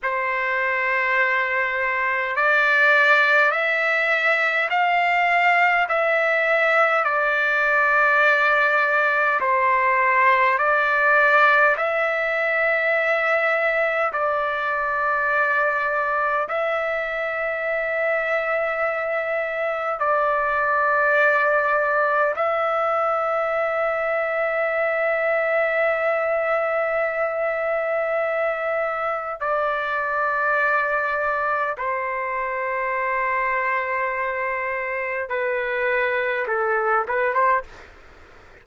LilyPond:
\new Staff \with { instrumentName = "trumpet" } { \time 4/4 \tempo 4 = 51 c''2 d''4 e''4 | f''4 e''4 d''2 | c''4 d''4 e''2 | d''2 e''2~ |
e''4 d''2 e''4~ | e''1~ | e''4 d''2 c''4~ | c''2 b'4 a'8 b'16 c''16 | }